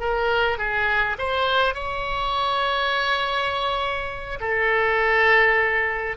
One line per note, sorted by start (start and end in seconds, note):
0.00 0.58 A#4
0.58 1.17 G#4
1.18 1.75 C5
1.75 4.39 C#5
4.41 6.17 A4